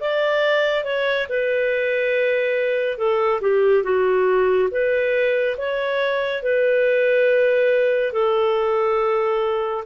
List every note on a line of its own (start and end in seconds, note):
0.00 0.84 D5
0.84 1.27 C#5
1.29 2.97 B4
2.97 3.40 A4
3.41 3.83 G4
3.83 4.69 F#4
4.71 5.56 B4
5.57 6.42 C#5
6.42 8.12 B4
8.12 9.84 A4